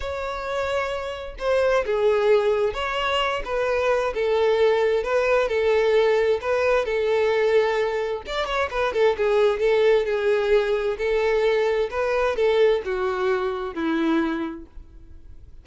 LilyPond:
\new Staff \with { instrumentName = "violin" } { \time 4/4 \tempo 4 = 131 cis''2. c''4 | gis'2 cis''4. b'8~ | b'4 a'2 b'4 | a'2 b'4 a'4~ |
a'2 d''8 cis''8 b'8 a'8 | gis'4 a'4 gis'2 | a'2 b'4 a'4 | fis'2 e'2 | }